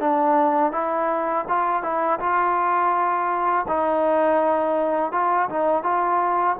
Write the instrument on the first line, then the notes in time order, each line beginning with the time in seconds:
trombone
0.00 D4
0.72 E4
1.48 F4
1.83 E4
2.20 F4
3.68 D#4
5.12 F4
5.49 D#4
5.83 F4